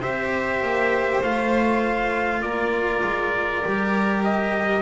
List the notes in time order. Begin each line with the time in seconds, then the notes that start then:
0.00 C4 G4 C5 E5
0.62 A#3
1.22 A3 F4 F5
2.42 A#3 A#4 D5
3.03 G#3
3.65 G3 G4
4.24 D#5